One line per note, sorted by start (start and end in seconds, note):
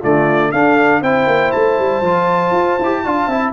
0.00 0.53 D3
0.00 0.54 A3
0.00 0.50 F4
0.00 0.51 D5
0.51 1.01 D4
0.51 1.03 D4
0.51 1.01 A4
0.51 1.02 F5
1.01 1.27 C4
1.01 2.04 E4
1.01 3.03 C5
1.01 1.51 G5
1.27 1.52 A#3
1.51 1.79 A3
1.51 3.53 A5
1.79 2.01 G3
2.01 2.51 F3
2.01 2.80 F4
2.51 2.77 F4
2.79 3.04 E4
2.79 3.05 G4
3.05 3.27 D4
3.05 3.31 F4
3.05 3.28 F5
3.27 3.52 C4
3.27 3.53 E4
3.27 3.53 E5